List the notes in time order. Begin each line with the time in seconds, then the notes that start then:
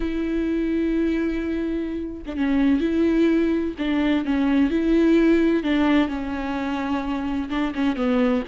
0.00 E4
2.25 D4
2.36 C#4
2.80 E4
3.78 D4
4.25 C#4
4.70 E4
5.63 D4
6.08 C#4
7.49 D4
7.75 C#4
7.96 B3